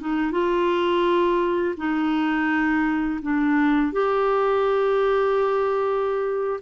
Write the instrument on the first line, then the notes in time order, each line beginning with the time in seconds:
clarinet
0.00 D#4
0.31 F4
1.77 D#4
3.22 D4
3.92 G4